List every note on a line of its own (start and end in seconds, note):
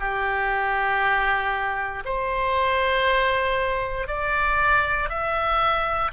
0.00 2.03 G4
2.05 4.07 C5
4.07 5.09 D5
5.09 6.11 E5